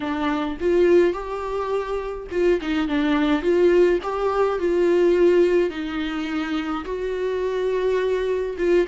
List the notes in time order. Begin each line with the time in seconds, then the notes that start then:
0.00 D4
0.60 F4
1.13 G4
2.31 F4
2.61 D#4
2.88 D4
3.42 F4
4.02 G4
4.59 F4
5.70 D#4
6.84 F#4
8.57 F4